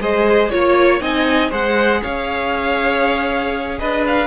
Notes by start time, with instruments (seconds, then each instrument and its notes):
0.00 cello G#3, viola G#4, violin C5 D#5
0.49 cello A#3, viola F4, violin C#5
1.00 cello C4, viola D#4, violin D#5 G#5
1.50 cello G#3, viola G#4, violin C5 F#5
2.02 cello C#4, violin C#5 F5
3.79 cello D4, violin B4 D#5
4.06 violin F5